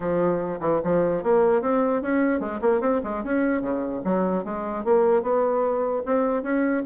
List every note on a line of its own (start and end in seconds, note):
0.00 0.60 F3
0.60 0.80 E3
0.83 1.23 F3
1.23 1.61 A#3
1.61 2.01 C4
2.02 2.40 C#4
2.40 2.60 G#3
2.61 2.81 A#3
2.81 3.01 C4
3.03 3.23 G#3
3.23 3.61 C#4
3.61 4.01 C#3
4.04 4.44 F#3
4.44 4.84 G#3
4.84 5.22 A#3
5.22 6.03 B3
6.05 6.42 C4
6.42 6.83 C#4